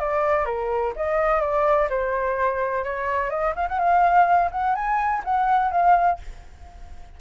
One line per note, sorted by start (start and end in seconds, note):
0.00 0.46 D5
0.46 0.93 A#4
0.96 1.41 D#5
1.41 1.89 D5
1.90 2.84 C5
2.84 3.30 C#5
3.30 3.54 D#5
3.56 3.68 F5
3.69 3.79 F#5
3.79 4.50 F5
4.52 4.75 F#5
4.75 5.23 G#5
5.24 5.72 F#5
5.72 6.19 F5